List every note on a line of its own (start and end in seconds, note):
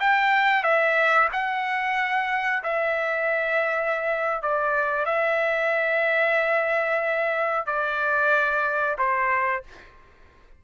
0.00 0.63 G5
0.63 1.28 E5
1.32 2.62 F#5
2.63 4.42 E5
4.42 5.05 D5
5.05 7.66 E5
7.66 8.96 D5
8.98 9.63 C5